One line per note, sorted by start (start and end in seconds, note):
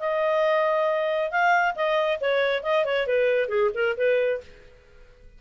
0.00 1.31 D#5
1.31 1.75 F5
1.76 2.20 D#5
2.21 2.63 C#5
2.63 2.85 D#5
2.85 3.07 C#5
3.07 3.49 B4
3.49 3.71 G#4
3.75 3.97 A#4
3.97 4.41 B4